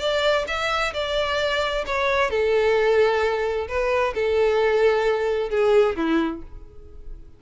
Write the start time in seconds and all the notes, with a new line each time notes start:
0.00 D5
0.48 E5
0.94 D5
1.87 C#5
2.30 A4
3.69 B4
4.15 A4
5.50 G#4
5.97 E4